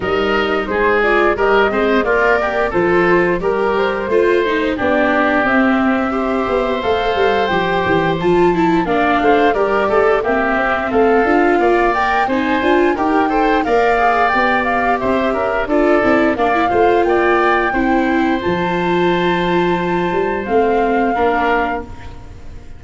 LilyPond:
<<
  \new Staff \with { instrumentName = "flute" } { \time 4/4 \tempo 4 = 88 dis''4 c''8 d''8 dis''4 d''4 | c''4 ais'8 c''4. d''4 | e''2 f''4 g''4 | a''4 f''4 d''4 e''4 |
f''4. g''8 gis''4 g''4 | f''4 g''8 f''8 e''4 d''4 | f''4 g''2 a''4~ | a''2 f''2 | }
  \new Staff \with { instrumentName = "oboe" } { \time 4/4 ais'4 gis'4 ais'8 c''8 f'8 g'8 | a'4 ais'4 c''4 g'4~ | g'4 c''2.~ | c''4 d''8 c''8 ais'8 a'8 g'4 |
a'4 d''4 c''4 ais'8 c''8 | d''2 c''8 ais'8 a'4 | d''8 c''8 d''4 c''2~ | c''2. ais'4 | }
  \new Staff \with { instrumentName = "viola" } { \time 4/4 dis'4. f'8 g'8 c'8 ais'4 | f'4 g'4 f'8 dis'8 d'4 | c'4 g'4 a'4 g'4 | f'8 e'8 d'4 g'4 c'4~ |
c'8 f'4 ais'8 dis'8 f'8 g'8 a'8 | ais'8 gis'8 g'2 f'8 e'8 | d'16 e'16 f'4. e'4 f'4~ | f'2 c'4 d'4 | }
  \new Staff \with { instrumentName = "tuba" } { \time 4/4 g4 gis4 g8 gis8 ais4 | f4 g4 a4 b4 | c'4. b8 a8 g8 f8 e8 | f4 ais8 a8 g8 a8 ais8 c'8 |
a8 d'8 ais4 c'8 d'8 dis'4 | ais4 b4 c'8 cis'8 d'8 c'8 | ais8 a8 ais4 c'4 f4~ | f4. g8 a4 ais4 | }
>>